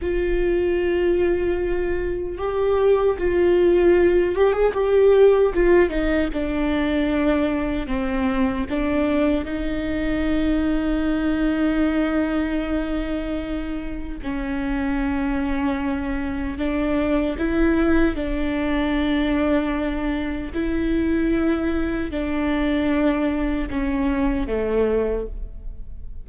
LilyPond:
\new Staff \with { instrumentName = "viola" } { \time 4/4 \tempo 4 = 76 f'2. g'4 | f'4. g'16 gis'16 g'4 f'8 dis'8 | d'2 c'4 d'4 | dis'1~ |
dis'2 cis'2~ | cis'4 d'4 e'4 d'4~ | d'2 e'2 | d'2 cis'4 a4 | }